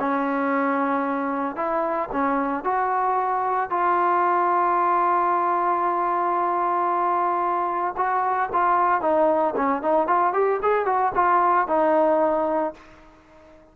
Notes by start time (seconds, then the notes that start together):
0.00 C#4
1.56 E4
2.12 C#4
2.65 F#4
3.70 F4
7.97 F#4
8.53 F4
9.02 D#4
9.56 C#4
9.82 D#4
10.08 F4
10.34 G4
10.63 G#4
10.86 F#4
11.15 F4
11.68 D#4